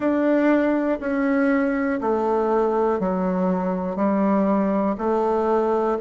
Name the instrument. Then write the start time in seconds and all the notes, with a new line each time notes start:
bassoon
0.00 D4
1.00 C#4
2.00 A3
2.99 F#3
3.95 G3
4.97 A3